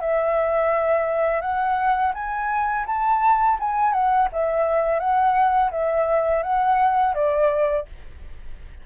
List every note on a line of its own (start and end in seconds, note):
0.00 1.41 E5
1.41 2.12 F#5
2.14 2.85 G#5
2.86 3.57 A5
3.59 3.92 G#5
3.92 4.28 F#5
4.32 4.99 E5
4.99 5.70 F#5
5.71 6.42 E5
6.43 7.14 F#5
7.14 7.85 D5